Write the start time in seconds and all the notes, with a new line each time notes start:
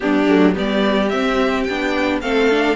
0.00 G3 B3 D4 G4
0.27 F#3 A3
0.54 G3 B3 G4 D5
1.09 C4 E5
1.63 B3 D4 G5
2.21 A3 C4 A4 F5
2.50 D4